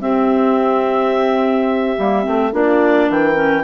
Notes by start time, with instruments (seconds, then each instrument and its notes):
0.00 clarinet C4 E5, bassoon C4, horn G4
1.97 bassoon G3, clarinet A#3
2.23 bassoon A3, clarinet C4
2.52 bassoon A#3, clarinet D4 D5, horn F4
3.09 bassoon E3, horn A#4, clarinet G5
3.35 clarinet C#4